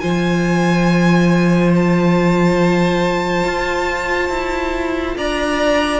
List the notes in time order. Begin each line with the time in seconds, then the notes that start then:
0.00 F3 F4 C5 G#5
1.75 A5
3.44 F4
4.29 E4
5.17 D4 D5 A#5